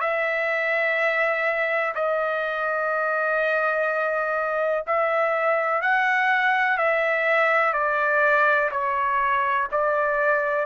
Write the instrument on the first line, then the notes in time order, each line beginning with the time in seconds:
trumpet
0.00 E5
1.95 D#5
4.87 E5
5.82 F#5
6.77 E5
7.73 D5
8.71 C#5
9.72 D5